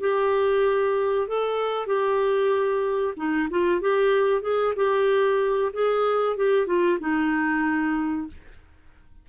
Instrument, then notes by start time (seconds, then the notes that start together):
clarinet
0.00 G4
1.28 A4
1.86 G4
3.17 D#4
3.50 F4
3.81 G4
4.42 G#4
4.76 G4
5.73 G#4
6.37 G4
6.66 F4
7.00 D#4